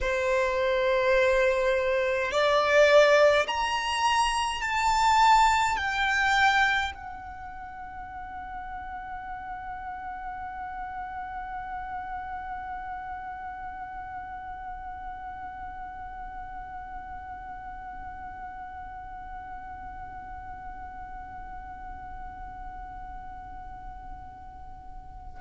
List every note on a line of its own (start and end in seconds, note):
0.01 2.31 C5
2.31 3.46 D5
3.47 4.62 A#5
4.62 5.76 A5
5.76 6.92 G5
6.94 25.41 F#5